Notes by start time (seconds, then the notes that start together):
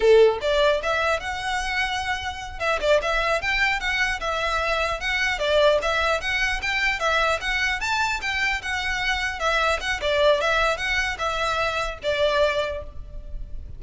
0.00 A4
0.41 D5
0.82 E5
1.20 F#5
2.59 E5
2.80 D5
3.01 E5
3.41 G5
3.79 F#5
4.20 E5
5.00 F#5
5.39 D5
5.82 E5
6.20 F#5
6.61 G5
6.99 E5
7.40 F#5
7.80 A5
8.21 G5
8.61 F#5
9.39 E5
9.80 F#5
10.01 D5
10.41 E5
10.77 F#5
11.18 E5
12.03 D5